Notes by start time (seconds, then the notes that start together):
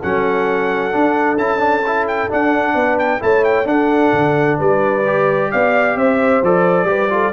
0.00 F#3 C#4 A4 F#5
0.92 D4
1.37 C#4 E4 A5
1.58 D4
1.87 E4
2.08 G5
2.29 D4 F#5
2.75 B3 B4
2.99 G5
3.20 A3 E4 C#5 A5
3.44 G5
3.65 D4 A4 F#5
4.13 D3
4.58 G3 B4 D5
5.06 G4
5.51 B3 D5 F5
5.96 C4 C5 E5
6.43 F3 A4 D5
6.84 G3 G4 B4
7.10 F4 A4